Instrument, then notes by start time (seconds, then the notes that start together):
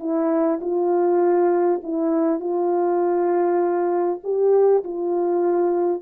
horn
0.00 E4
0.61 F4
1.83 E4
2.40 F4
4.24 G4
4.84 F4